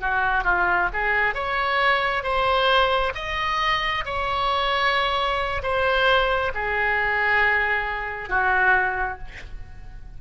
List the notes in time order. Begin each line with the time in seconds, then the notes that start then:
0.00 F#4
0.44 F4
0.93 G#4
1.34 C#5
2.23 C5
3.15 D#5
4.05 C#5
5.63 C5
6.55 G#4
8.29 F#4